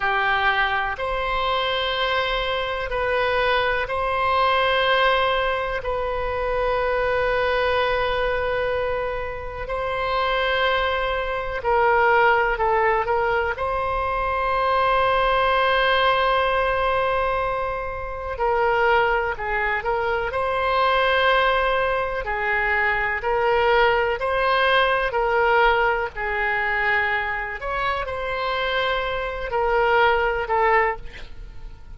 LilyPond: \new Staff \with { instrumentName = "oboe" } { \time 4/4 \tempo 4 = 62 g'4 c''2 b'4 | c''2 b'2~ | b'2 c''2 | ais'4 a'8 ais'8 c''2~ |
c''2. ais'4 | gis'8 ais'8 c''2 gis'4 | ais'4 c''4 ais'4 gis'4~ | gis'8 cis''8 c''4. ais'4 a'8 | }